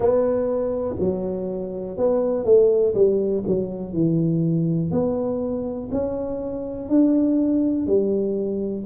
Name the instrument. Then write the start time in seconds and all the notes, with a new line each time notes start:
tuba
0.00 B3
0.99 F#3
1.97 B3
2.45 A3
2.94 G3
3.47 F#3
3.93 E3
4.91 B3
5.91 C#4
6.89 D4
7.86 G3